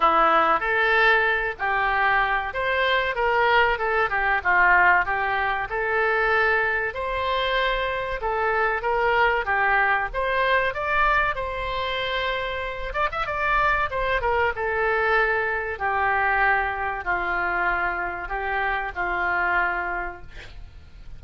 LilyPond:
\new Staff \with { instrumentName = "oboe" } { \time 4/4 \tempo 4 = 95 e'4 a'4. g'4. | c''4 ais'4 a'8 g'8 f'4 | g'4 a'2 c''4~ | c''4 a'4 ais'4 g'4 |
c''4 d''4 c''2~ | c''8 d''16 e''16 d''4 c''8 ais'8 a'4~ | a'4 g'2 f'4~ | f'4 g'4 f'2 | }